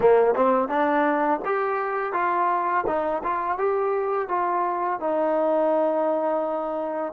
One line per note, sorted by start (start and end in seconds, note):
0.00 0.34 A#3
0.34 0.68 C4
0.68 1.39 D4
1.45 2.12 G4
2.12 2.84 F4
2.86 3.22 D#4
3.23 3.57 F4
3.57 4.28 G4
4.28 4.99 F4
5.00 7.12 D#4